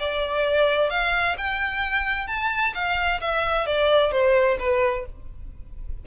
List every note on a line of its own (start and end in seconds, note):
0.00 0.90 D5
0.90 1.36 F5
1.38 2.28 G5
2.28 2.74 A5
2.75 3.21 F5
3.21 3.67 E5
3.67 4.12 D5
4.12 4.58 C5
4.59 5.06 B4